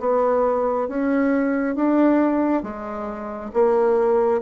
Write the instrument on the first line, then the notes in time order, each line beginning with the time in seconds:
bassoon
0.00 B3
0.88 C#4
1.75 D4
2.63 G#3
3.53 A#3